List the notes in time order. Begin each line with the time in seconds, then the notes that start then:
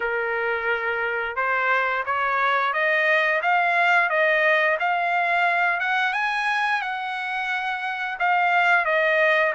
0.00 A#4
1.35 C5
2.05 C#5
2.73 D#5
3.42 F5
4.09 D#5
4.79 F5
5.80 F#5
6.13 G#5
6.81 F#5
8.19 F5
8.85 D#5